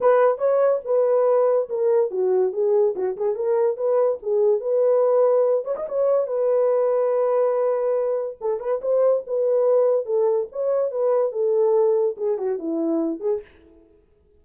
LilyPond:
\new Staff \with { instrumentName = "horn" } { \time 4/4 \tempo 4 = 143 b'4 cis''4 b'2 | ais'4 fis'4 gis'4 fis'8 gis'8 | ais'4 b'4 gis'4 b'4~ | b'4. cis''16 dis''16 cis''4 b'4~ |
b'1 | a'8 b'8 c''4 b'2 | a'4 cis''4 b'4 a'4~ | a'4 gis'8 fis'8 e'4. gis'8 | }